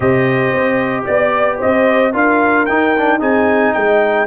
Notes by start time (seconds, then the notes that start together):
0.00 C3 G4 C5 D#5
0.53 C4
1.05 B3 D5
1.58 C4 C5 D#5
2.12 D4 F4 A#4 F5
2.65 D#4 G5
2.97 D4
3.19 C4 D#4 G#4 G#5
3.73 G#3 D#5 G5